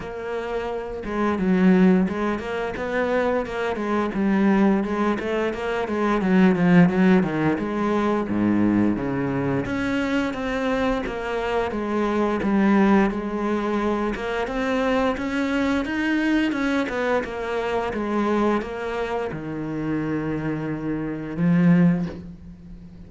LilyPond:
\new Staff \with { instrumentName = "cello" } { \time 4/4 \tempo 4 = 87 ais4. gis8 fis4 gis8 ais8 | b4 ais8 gis8 g4 gis8 a8 | ais8 gis8 fis8 f8 fis8 dis8 gis4 | gis,4 cis4 cis'4 c'4 |
ais4 gis4 g4 gis4~ | gis8 ais8 c'4 cis'4 dis'4 | cis'8 b8 ais4 gis4 ais4 | dis2. f4 | }